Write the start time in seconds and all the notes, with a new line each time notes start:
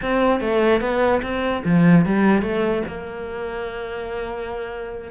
0.02 C4
0.40 A3
0.80 B3
1.22 C4
1.64 F3
2.05 G3
2.42 A3
2.87 A#3